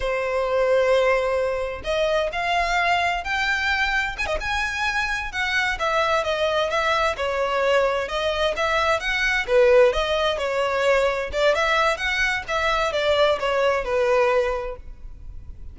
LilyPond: \new Staff \with { instrumentName = "violin" } { \time 4/4 \tempo 4 = 130 c''1 | dis''4 f''2 g''4~ | g''4 gis''16 dis''16 gis''2 fis''8~ | fis''8 e''4 dis''4 e''4 cis''8~ |
cis''4. dis''4 e''4 fis''8~ | fis''8 b'4 dis''4 cis''4.~ | cis''8 d''8 e''4 fis''4 e''4 | d''4 cis''4 b'2 | }